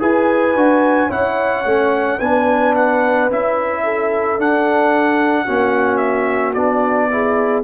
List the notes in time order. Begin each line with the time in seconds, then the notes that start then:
0.00 E4 G#4 B4 G#5
0.56 D4 F#4
1.08 C#4 E4 C#5 F#5
1.65 A3 C#4
2.19 B3 D4 B4 G#5
2.76 F#5
3.30 C#4 E4 E5
3.84 A4
4.38 D4 F#5
5.45 A#3 C#4 F#4
5.98 E5
6.54 B3 D4 D5
7.11 E4 G#4